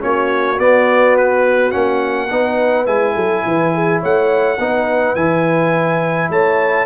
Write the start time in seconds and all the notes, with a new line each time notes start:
0.00 A#3 C#4 F#4 C#5
0.58 B3 D5
1.17 B4
1.70 A#3 C#4 F#5
2.30 B3 D#4 B4
2.85 G#3 E4 G#5
3.14 F#3 A4
3.45 E3 B4
3.74 G#4
4.00 A3 C#5 F#5
4.57 B3 D#4 B4
5.15 E3 E4 G#5
6.29 A3 C#5 A5